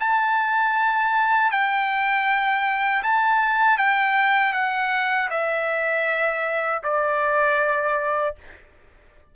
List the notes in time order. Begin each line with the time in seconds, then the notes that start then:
0.00 A5
1.51 G5
3.03 A5
3.78 G5
4.53 F#5
5.30 E5
6.84 D5